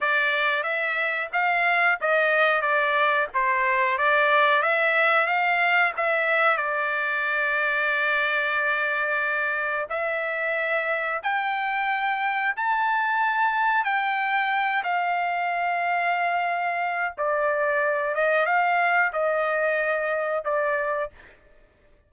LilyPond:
\new Staff \with { instrumentName = "trumpet" } { \time 4/4 \tempo 4 = 91 d''4 e''4 f''4 dis''4 | d''4 c''4 d''4 e''4 | f''4 e''4 d''2~ | d''2. e''4~ |
e''4 g''2 a''4~ | a''4 g''4. f''4.~ | f''2 d''4. dis''8 | f''4 dis''2 d''4 | }